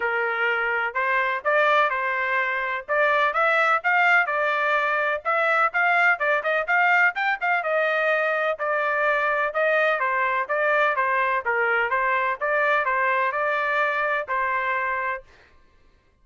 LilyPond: \new Staff \with { instrumentName = "trumpet" } { \time 4/4 \tempo 4 = 126 ais'2 c''4 d''4 | c''2 d''4 e''4 | f''4 d''2 e''4 | f''4 d''8 dis''8 f''4 g''8 f''8 |
dis''2 d''2 | dis''4 c''4 d''4 c''4 | ais'4 c''4 d''4 c''4 | d''2 c''2 | }